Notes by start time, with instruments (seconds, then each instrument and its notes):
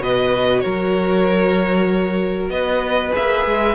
0.00 cello B2, viola F#4, violin B4 D#5
0.60 cello F#3, violin A#4 C#5
2.49 cello B3, violin B4 D#5
3.11 viola G#4, violin E5
3.18 cello A#3
3.46 cello G#3